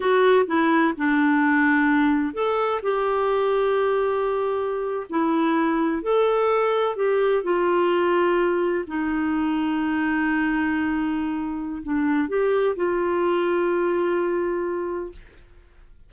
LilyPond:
\new Staff \with { instrumentName = "clarinet" } { \time 4/4 \tempo 4 = 127 fis'4 e'4 d'2~ | d'4 a'4 g'2~ | g'2~ g'8. e'4~ e'16~ | e'8. a'2 g'4 f'16~ |
f'2~ f'8. dis'4~ dis'16~ | dis'1~ | dis'4 d'4 g'4 f'4~ | f'1 | }